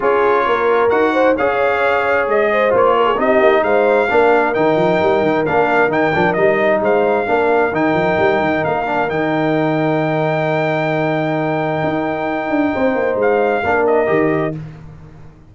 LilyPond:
<<
  \new Staff \with { instrumentName = "trumpet" } { \time 4/4 \tempo 4 = 132 cis''2 fis''4 f''4~ | f''4 dis''4 cis''4 dis''4 | f''2 g''2 | f''4 g''4 dis''4 f''4~ |
f''4 g''2 f''4 | g''1~ | g''1~ | g''4 f''4. dis''4. | }
  \new Staff \with { instrumentName = "horn" } { \time 4/4 gis'4 ais'4. c''8 cis''4~ | cis''4. c''4 ais'16 gis'16 g'4 | c''4 ais'2.~ | ais'2. c''4 |
ais'1~ | ais'1~ | ais'1 | c''2 ais'2 | }
  \new Staff \with { instrumentName = "trombone" } { \time 4/4 f'2 fis'4 gis'4~ | gis'2 f'4 dis'4~ | dis'4 d'4 dis'2 | d'4 dis'8 d'8 dis'2 |
d'4 dis'2~ dis'8 d'8 | dis'1~ | dis'1~ | dis'2 d'4 g'4 | }
  \new Staff \with { instrumentName = "tuba" } { \time 4/4 cis'4 ais4 dis'4 cis'4~ | cis'4 gis4 ais4 c'8 ais8 | gis4 ais4 dis8 f8 g8 dis8 | ais4 dis8 f8 g4 gis4 |
ais4 dis8 f8 g8 dis8 ais4 | dis1~ | dis2 dis'4. d'8 | c'8 ais8 gis4 ais4 dis4 | }
>>